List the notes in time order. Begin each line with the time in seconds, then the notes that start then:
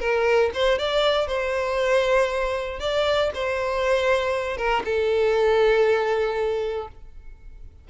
0.00 A#4
0.54 C5
0.79 D5
1.27 C5
2.80 D5
3.34 C5
4.57 A#4
4.85 A4